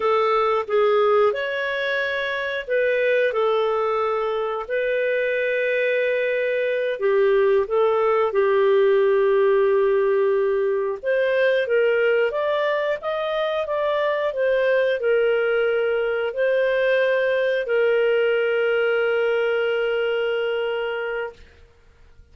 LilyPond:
\new Staff \with { instrumentName = "clarinet" } { \time 4/4 \tempo 4 = 90 a'4 gis'4 cis''2 | b'4 a'2 b'4~ | b'2~ b'8 g'4 a'8~ | a'8 g'2.~ g'8~ |
g'8 c''4 ais'4 d''4 dis''8~ | dis''8 d''4 c''4 ais'4.~ | ais'8 c''2 ais'4.~ | ais'1 | }